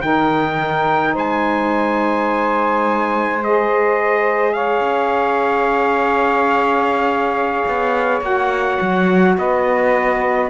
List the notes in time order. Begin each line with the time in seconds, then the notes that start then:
0.00 D#3 D#4 A#4 G5
1.14 G#3 C5 G#5
3.44 G#4 D#5
4.53 C#5 F5
4.80 C#4
7.68 B3
8.21 A#3 F#4 F#5
8.82 F#3
9.38 B3 B4 D#5